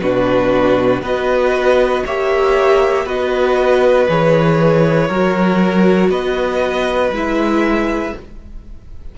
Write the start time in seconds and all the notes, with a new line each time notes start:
0.00 B2 D4 F#4 B4
1.01 B3 F#4 B4 D#5
2.05 A#3 G4 C#5 E5
3.05 B3 F#4 B4 D#5
4.08 E3 G#4 C#5
5.08 F#3 F#4 A#4
6.09 B3 B4 D#5
7.11 G#3 E4 E5